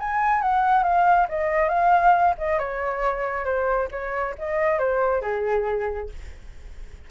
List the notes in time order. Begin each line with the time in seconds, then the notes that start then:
0.00 G#5
0.42 F#5
0.84 F5
1.29 D#5
1.69 F5
2.38 D#5
2.59 C#5
3.45 C5
3.91 C#5
4.39 D#5
4.79 C5
5.22 G#4